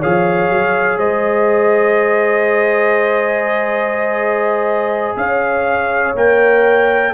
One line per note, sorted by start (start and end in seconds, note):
0.00 0.50 F3
0.00 6.17 G#4
0.00 0.98 C#5
0.00 0.99 F5
0.50 0.98 F#3
0.98 5.16 G#3
0.98 5.16 C5
0.98 5.17 D#5
5.17 6.15 C#4
5.17 7.14 C#5
5.17 6.15 F5
6.16 7.14 A#3
6.16 7.14 A#4
6.16 7.14 G5